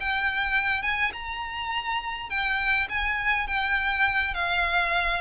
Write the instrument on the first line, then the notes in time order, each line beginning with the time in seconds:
violin
0.00 G5
0.82 G#5
1.13 A#5
2.30 G5
2.89 G#5
3.47 G5
4.34 F5